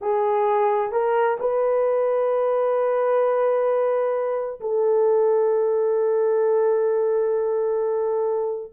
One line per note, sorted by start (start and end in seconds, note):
0.01 0.92 G#4
0.92 1.37 A#4
1.39 4.60 B4
4.60 8.72 A4